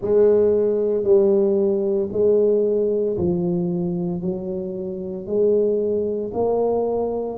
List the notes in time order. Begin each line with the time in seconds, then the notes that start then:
0.01 G#3
1.03 G3
2.11 G#3
3.17 F3
4.21 F#3
5.26 G#3
6.33 A#3